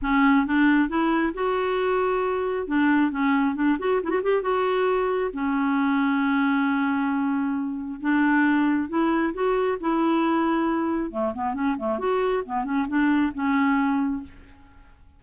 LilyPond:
\new Staff \with { instrumentName = "clarinet" } { \time 4/4 \tempo 4 = 135 cis'4 d'4 e'4 fis'4~ | fis'2 d'4 cis'4 | d'8 fis'8 e'16 fis'16 g'8 fis'2 | cis'1~ |
cis'2 d'2 | e'4 fis'4 e'2~ | e'4 a8 b8 cis'8 a8 fis'4 | b8 cis'8 d'4 cis'2 | }